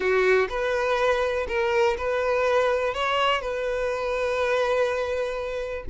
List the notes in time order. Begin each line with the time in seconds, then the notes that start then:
0.00 F#4
0.49 B4
1.48 A#4
1.97 B4
2.94 C#5
3.41 B4